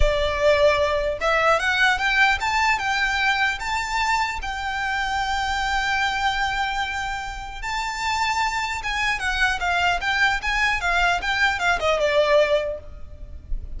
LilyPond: \new Staff \with { instrumentName = "violin" } { \time 4/4 \tempo 4 = 150 d''2. e''4 | fis''4 g''4 a''4 g''4~ | g''4 a''2 g''4~ | g''1~ |
g''2. a''4~ | a''2 gis''4 fis''4 | f''4 g''4 gis''4 f''4 | g''4 f''8 dis''8 d''2 | }